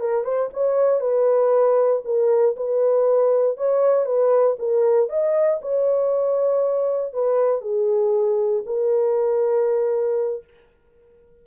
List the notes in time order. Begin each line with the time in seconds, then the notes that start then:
0.00 A#4
0.24 C5
0.53 C#5
1.01 B4
2.05 A#4
2.57 B4
3.58 C#5
4.06 B4
4.59 A#4
5.09 D#5
5.62 C#5
7.13 B4
7.62 G#4
8.66 A#4